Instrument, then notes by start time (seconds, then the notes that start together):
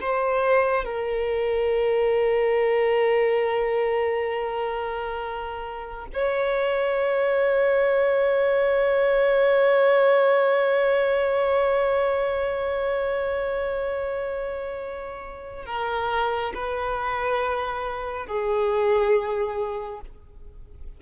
violin
0.00 C5
0.85 A#4
6.13 C#5
15.66 A#4
16.54 B4
18.26 G#4